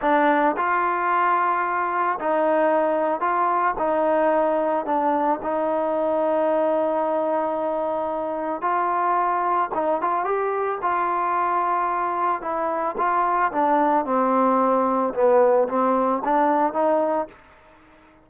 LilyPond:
\new Staff \with { instrumentName = "trombone" } { \time 4/4 \tempo 4 = 111 d'4 f'2. | dis'2 f'4 dis'4~ | dis'4 d'4 dis'2~ | dis'1 |
f'2 dis'8 f'8 g'4 | f'2. e'4 | f'4 d'4 c'2 | b4 c'4 d'4 dis'4 | }